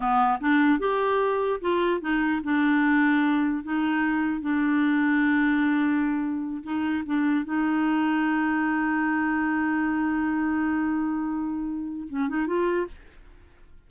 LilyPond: \new Staff \with { instrumentName = "clarinet" } { \time 4/4 \tempo 4 = 149 b4 d'4 g'2 | f'4 dis'4 d'2~ | d'4 dis'2 d'4~ | d'1~ |
d'8 dis'4 d'4 dis'4.~ | dis'1~ | dis'1~ | dis'2 cis'8 dis'8 f'4 | }